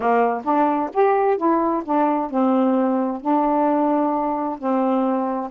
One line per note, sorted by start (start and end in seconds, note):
0.00 0.42 A#3
0.44 0.90 D4
0.93 1.37 G4
1.37 1.83 E4
1.84 2.30 D4
2.30 3.21 C4
3.21 4.58 D4
4.59 5.50 C4